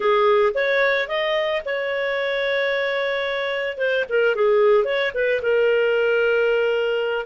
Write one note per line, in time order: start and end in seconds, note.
0.00 0.52 G#4
0.54 1.07 C#5
1.07 1.61 D#5
1.65 3.77 C#5
3.77 4.04 C5
4.09 4.35 A#4
4.35 4.84 G#4
4.84 5.11 C#5
5.14 5.41 B4
5.42 7.26 A#4